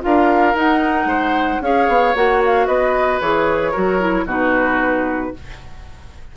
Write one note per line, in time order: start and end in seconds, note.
0.00 0.54 D4
0.00 0.53 F4
0.00 1.08 A#4
0.00 0.57 F5
0.54 1.05 D#4
0.54 1.62 D#4
0.54 1.62 F#5
1.05 1.58 G#3
1.05 1.61 C5
1.61 1.87 C#4
1.61 2.15 G#4
1.61 2.67 C#5
1.61 2.15 F5
1.87 2.14 B3
2.15 2.67 A#3
2.15 3.21 F#4
2.15 2.42 F#5
2.45 2.66 F5
2.66 3.20 B3
2.66 3.71 B4
2.66 3.19 D#5
3.20 3.74 E3
3.20 3.73 G#4
3.20 4.26 C#5
3.71 4.25 F#3
3.71 4.00 F#4
3.71 4.24 A#4
4.00 4.26 E4
4.25 5.31 B2
4.25 5.34 D#4
4.25 5.32 F#4
4.25 5.36 B4